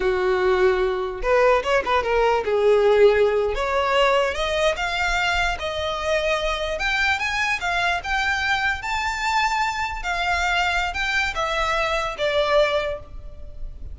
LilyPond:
\new Staff \with { instrumentName = "violin" } { \time 4/4 \tempo 4 = 148 fis'2. b'4 | cis''8 b'8 ais'4 gis'2~ | gis'8. cis''2 dis''4 f''16~ | f''4.~ f''16 dis''2~ dis''16~ |
dis''8. g''4 gis''4 f''4 g''16~ | g''4.~ g''16 a''2~ a''16~ | a''8. f''2~ f''16 g''4 | e''2 d''2 | }